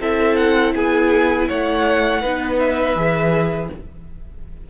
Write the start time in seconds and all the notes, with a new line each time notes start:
0.00 C4 E4 A4 E5
0.35 F#5
0.74 B3 G#4 G#5
1.48 A3 C#5 F#5
2.21 B3 D#4 B4
2.58 E5
2.95 E3 G#4